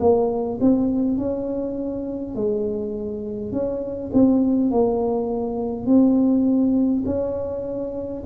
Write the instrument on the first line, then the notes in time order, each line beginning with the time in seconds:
tuba
0.00 A#3
0.60 C4
1.18 C#4
2.35 G#3
3.52 C#4
4.13 C4
4.71 A#3
5.86 C4
7.05 C#4